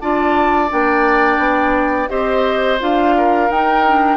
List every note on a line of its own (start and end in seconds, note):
0.00 0.70 D4
0.00 0.68 F4
0.00 2.10 D5
0.00 0.70 A5
0.68 1.38 A#3
0.68 2.08 D4
0.68 2.09 G5
1.38 2.08 B3
2.08 2.80 C4
2.08 2.78 G4
2.08 3.14 C5
2.08 2.78 D#5
2.79 3.50 D4
2.79 3.49 F4
2.79 3.50 F5
3.17 4.17 A#4
3.50 4.17 D#4
3.50 3.87 D#4
3.50 4.17 G5
3.87 4.17 D4